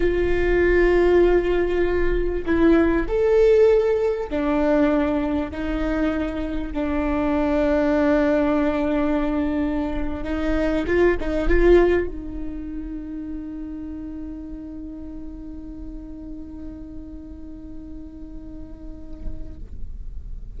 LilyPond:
\new Staff \with { instrumentName = "viola" } { \time 4/4 \tempo 4 = 98 f'1 | e'4 a'2 d'4~ | d'4 dis'2 d'4~ | d'1~ |
d'8. dis'4 f'8 dis'8 f'4 dis'16~ | dis'1~ | dis'1~ | dis'1 | }